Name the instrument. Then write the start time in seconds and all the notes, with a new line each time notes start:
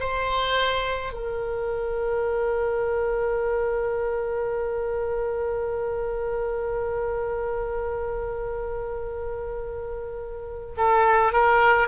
oboe
0.00 C5
1.13 A#4
10.77 A4
11.32 A#4